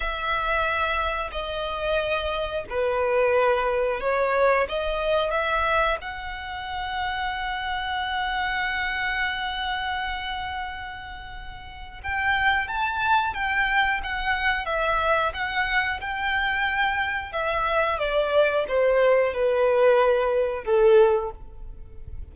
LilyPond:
\new Staff \with { instrumentName = "violin" } { \time 4/4 \tempo 4 = 90 e''2 dis''2 | b'2 cis''4 dis''4 | e''4 fis''2.~ | fis''1~ |
fis''2 g''4 a''4 | g''4 fis''4 e''4 fis''4 | g''2 e''4 d''4 | c''4 b'2 a'4 | }